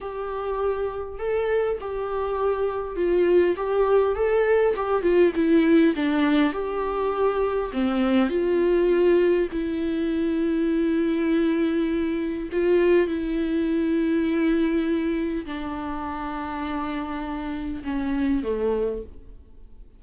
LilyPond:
\new Staff \with { instrumentName = "viola" } { \time 4/4 \tempo 4 = 101 g'2 a'4 g'4~ | g'4 f'4 g'4 a'4 | g'8 f'8 e'4 d'4 g'4~ | g'4 c'4 f'2 |
e'1~ | e'4 f'4 e'2~ | e'2 d'2~ | d'2 cis'4 a4 | }